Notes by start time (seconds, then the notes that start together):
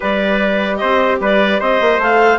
0.00 G3 G4 B4 D5
0.76 C4 C5 D#5
1.20 G3 B4 D5
1.59 C4 C5 D#5
1.81 A#3
1.98 A3 A4 F5